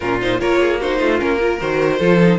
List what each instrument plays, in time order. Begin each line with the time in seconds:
0.00 cello A#2, viola C#4, violin F4 A#4
0.21 viola D#4, violin C5
0.39 cello A#3, viola F4, violin A#4 C#5
0.60 violin G#4
0.80 viola D#4, violin F#4 C5
0.98 cello A3, violin F4
1.18 cello A#3, viola C#4, violin A#4
1.40 viola F4, violin A#4
1.60 cello D#3, viola F#4, violin C5
1.99 cello F3, viola F4, violin A4
2.21 viola D#4